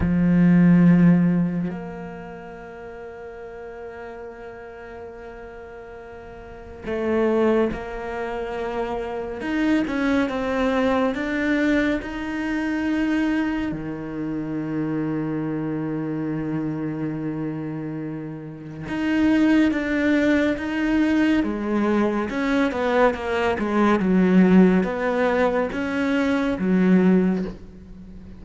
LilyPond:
\new Staff \with { instrumentName = "cello" } { \time 4/4 \tempo 4 = 70 f2 ais2~ | ais1 | a4 ais2 dis'8 cis'8 | c'4 d'4 dis'2 |
dis1~ | dis2 dis'4 d'4 | dis'4 gis4 cis'8 b8 ais8 gis8 | fis4 b4 cis'4 fis4 | }